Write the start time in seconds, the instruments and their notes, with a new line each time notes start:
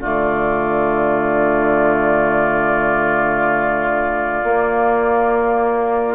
0.00 bassoon D3, clarinet A3, oboe F4, flute D5
4.43 bassoon A#3, clarinet A#3